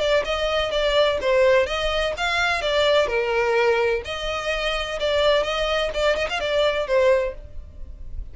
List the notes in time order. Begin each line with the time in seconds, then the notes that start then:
0.00 D5
0.25 D#5
0.71 D5
1.21 C5
1.66 D#5
2.17 F5
2.62 D5
3.07 A#4
4.05 D#5
4.99 D5
5.43 D#5
5.94 D5
6.16 D#5
6.30 F5
6.40 D5
6.87 C5